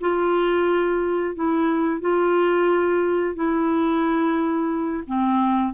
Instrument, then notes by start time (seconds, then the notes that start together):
clarinet
0.00 F4
1.35 E4
2.01 F4
3.35 E4
5.07 C4